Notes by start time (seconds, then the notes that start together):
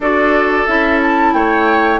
0.00 D4 F#4 A4 D5
0.66 C#4 E4 E5
1.02 A5
1.33 A3 C#5 G5